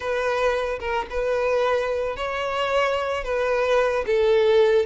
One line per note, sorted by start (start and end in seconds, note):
0.00 0.79 B4
0.79 1.06 A#4
1.10 2.16 B4
2.16 3.23 C#5
3.23 4.04 B4
4.06 4.85 A4